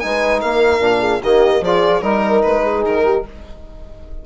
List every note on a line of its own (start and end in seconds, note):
0.00 0.43 G#3
0.00 0.80 D#4
0.00 0.43 B4
0.00 0.40 G#5
0.42 0.80 A#3
0.42 1.00 A#4
0.42 1.22 F5
0.80 1.20 A#2
0.80 1.21 D4
1.00 1.20 G#4
1.23 1.61 D#3
1.23 1.64 A#3
1.23 1.63 G4
1.23 1.64 D#5
1.61 2.01 F3
1.61 2.03 F4
1.61 2.04 G#4
1.61 2.02 D5
2.02 2.42 G3
2.02 3.24 D#4
2.02 2.42 A#4
2.02 2.63 A#4
2.43 2.85 G#3
2.43 2.83 B4
2.63 3.03 G#4
2.85 3.26 D#3
2.85 3.26 A#4
3.05 3.25 G4